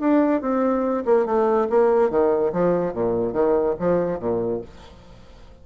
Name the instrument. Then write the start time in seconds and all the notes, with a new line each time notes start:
bassoon
0.00 D4
0.41 C4
1.05 A#3
1.26 A3
1.70 A#3
2.10 D#3
2.52 F3
2.93 A#2
3.33 D#3
3.79 F3
4.19 A#2